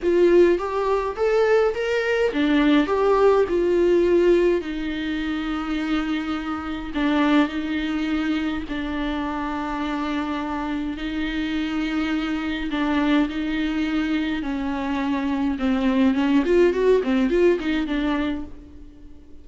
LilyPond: \new Staff \with { instrumentName = "viola" } { \time 4/4 \tempo 4 = 104 f'4 g'4 a'4 ais'4 | d'4 g'4 f'2 | dis'1 | d'4 dis'2 d'4~ |
d'2. dis'4~ | dis'2 d'4 dis'4~ | dis'4 cis'2 c'4 | cis'8 f'8 fis'8 c'8 f'8 dis'8 d'4 | }